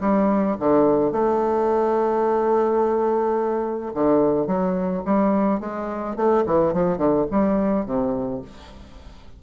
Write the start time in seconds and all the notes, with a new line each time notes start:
0.00 G3
0.59 D3
1.12 A3
3.94 D3
4.47 F#3
5.05 G3
5.60 G#3
6.16 A3
6.46 E3
6.73 F3
6.97 D3
7.30 G3
7.85 C3